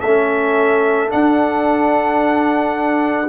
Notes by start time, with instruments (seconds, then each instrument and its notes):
0.00 tuba A3, horn A4, trumpet E5
0.06 trombone C#4
1.09 trombone D4, tuba D4, trumpet F#5